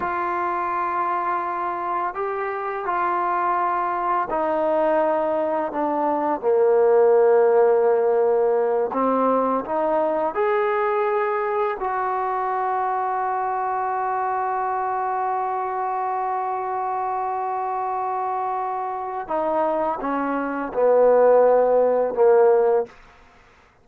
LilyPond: \new Staff \with { instrumentName = "trombone" } { \time 4/4 \tempo 4 = 84 f'2. g'4 | f'2 dis'2 | d'4 ais2.~ | ais8 c'4 dis'4 gis'4.~ |
gis'8 fis'2.~ fis'8~ | fis'1~ | fis'2. dis'4 | cis'4 b2 ais4 | }